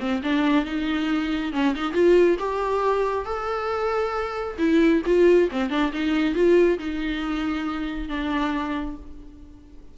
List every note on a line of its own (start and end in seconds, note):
0.00 0.22 C4
0.23 0.65 D4
0.65 1.53 D#4
1.53 1.75 C#4
1.75 1.93 D#4
1.93 2.37 F4
2.39 3.26 G4
3.26 4.57 A4
4.58 5.02 E4
5.06 5.50 F4
5.51 5.70 C4
5.70 5.92 D4
5.93 6.35 D#4
6.35 6.78 F4
6.79 8.09 D#4
8.09 8.96 D4